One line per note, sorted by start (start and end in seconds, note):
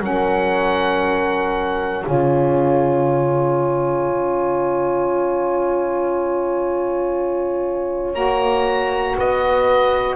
0.00 2.03 F#3
0.00 2.04 C#4
0.00 2.07 A#4
0.00 2.07 F#5
2.05 4.10 C#3
2.05 8.14 F4
2.05 9.16 C#5
2.05 8.15 G#5
4.10 8.15 C#4
8.14 9.17 A#3
8.14 10.16 F#4
8.14 9.17 A#5
9.16 10.16 B3
9.16 10.16 B4
9.16 10.16 D#5